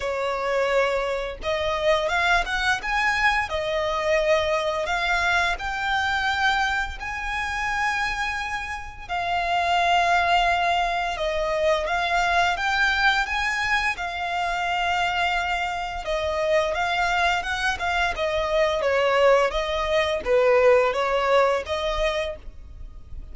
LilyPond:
\new Staff \with { instrumentName = "violin" } { \time 4/4 \tempo 4 = 86 cis''2 dis''4 f''8 fis''8 | gis''4 dis''2 f''4 | g''2 gis''2~ | gis''4 f''2. |
dis''4 f''4 g''4 gis''4 | f''2. dis''4 | f''4 fis''8 f''8 dis''4 cis''4 | dis''4 b'4 cis''4 dis''4 | }